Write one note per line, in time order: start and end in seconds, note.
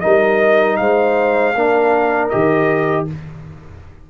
0.00 0.80 G3
0.00 1.54 D#4
0.00 0.77 A#4
0.00 0.76 D#5
0.76 1.54 G#3
0.76 1.55 C5
0.76 2.28 F5
1.54 2.30 A#3
1.54 2.31 D4
1.54 3.07 A#4
2.29 3.09 D#3
2.29 3.07 G4
2.29 3.05 D#5